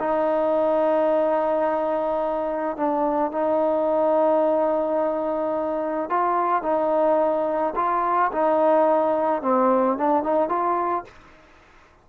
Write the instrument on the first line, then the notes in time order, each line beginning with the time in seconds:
trombone
0.00 D#4
2.77 D4
3.32 D#4
6.10 F4
6.63 D#4
7.76 F4
8.32 D#4
9.42 C4
9.98 D4
10.23 D#4
10.49 F4